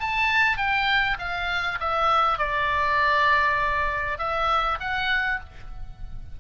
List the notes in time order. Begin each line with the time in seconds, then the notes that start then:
0.00 A5
0.58 G5
1.19 F5
1.80 E5
2.39 D5
4.19 E5
4.80 F#5